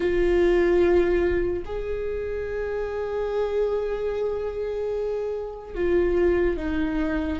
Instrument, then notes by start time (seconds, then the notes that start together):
viola
0.00 F4
1.65 G#4
5.75 F4
6.56 D#4